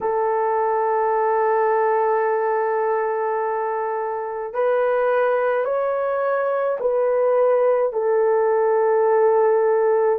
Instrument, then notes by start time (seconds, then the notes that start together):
horn
0.01 A4
4.53 B4
5.64 C#5
6.79 B4
7.92 A4